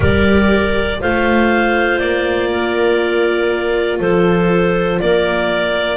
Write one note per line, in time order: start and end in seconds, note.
0.00 0.98 G3
0.00 0.99 G4
0.00 0.99 A#4
0.00 1.01 D5
1.00 2.00 A3
1.00 5.97 F4
1.00 2.50 C5
1.00 1.98 F5
1.98 4.00 A#3
1.98 3.98 D5
2.51 4.00 A#4
4.00 5.00 F3
4.00 5.00 A4
4.00 5.00 C5
5.00 5.97 A#3
5.00 5.97 A#4
5.00 5.97 D5